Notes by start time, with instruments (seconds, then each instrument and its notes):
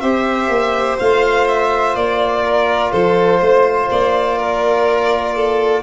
0.00 tuba C4, trombone G4, violin C5 E5
0.49 tuba A#3
0.99 tuba A3, trombone F4, violin F5
1.48 violin E5
1.95 tuba A#3, violin D5
2.45 violin A#4
2.92 tuba F3, violin A4 C5
3.41 tuba A3, violin C5
3.91 tuba A#3, violin D5
4.39 violin A#4
5.36 violin A4